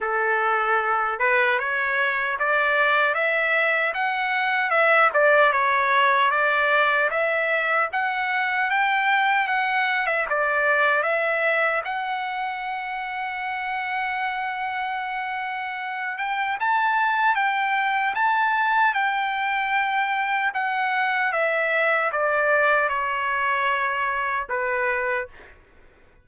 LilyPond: \new Staff \with { instrumentName = "trumpet" } { \time 4/4 \tempo 4 = 76 a'4. b'8 cis''4 d''4 | e''4 fis''4 e''8 d''8 cis''4 | d''4 e''4 fis''4 g''4 | fis''8. e''16 d''4 e''4 fis''4~ |
fis''1~ | fis''8 g''8 a''4 g''4 a''4 | g''2 fis''4 e''4 | d''4 cis''2 b'4 | }